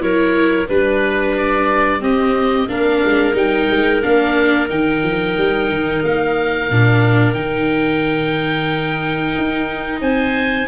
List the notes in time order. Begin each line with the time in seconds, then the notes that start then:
0.00 F#3 E4 A#4 C#5
0.68 G3 D4 B4
1.38 D5
2.01 C4 G4 D#5
2.69 A#3 D4 A#4 F5
3.05 G#3
3.34 G3 D#4 G5
3.71 G#3
4.03 A#3 D4 F5
4.69 D#3 D#4 G5
5.03 F3
5.38 G3
5.70 D#3
6.04 A#3 F5
6.70 A#2 D4
7.34 D#3 D#4 G5
9.38 D#4
10.02 C4 C5 G#5